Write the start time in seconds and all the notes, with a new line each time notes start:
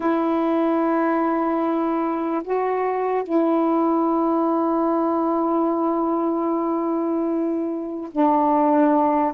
0.00 E4
2.43 F#4
3.23 E4
8.11 D4